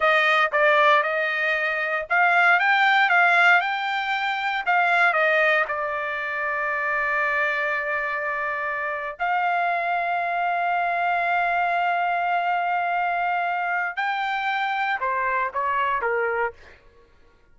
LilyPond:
\new Staff \with { instrumentName = "trumpet" } { \time 4/4 \tempo 4 = 116 dis''4 d''4 dis''2 | f''4 g''4 f''4 g''4~ | g''4 f''4 dis''4 d''4~ | d''1~ |
d''4.~ d''16 f''2~ f''16~ | f''1~ | f''2. g''4~ | g''4 c''4 cis''4 ais'4 | }